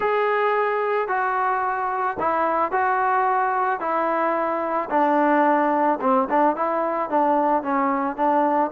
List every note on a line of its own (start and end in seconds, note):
0.00 1.08 G#4
1.08 2.17 F#4
2.19 2.71 E4
2.71 3.80 F#4
3.80 4.89 E4
4.90 5.99 D4
6.00 6.28 C4
6.29 6.56 D4
6.56 7.09 E4
7.09 7.62 D4
7.62 8.16 C#4
8.16 8.70 D4